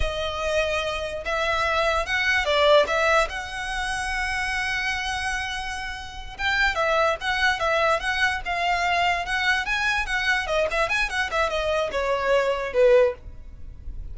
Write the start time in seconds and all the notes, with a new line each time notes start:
0.00 D#5
1.25 E5
2.06 F#5
2.45 D5
2.87 E5
3.29 F#5
6.37 G5
6.75 E5
7.20 F#5
7.59 E5
8.00 F#5
8.45 F5
9.25 F#5
9.65 G#5
10.06 F#5
10.46 D#5
10.71 E5
10.89 G#5
11.09 F#5
11.31 E5
11.49 D#5
11.91 C#5
12.73 B4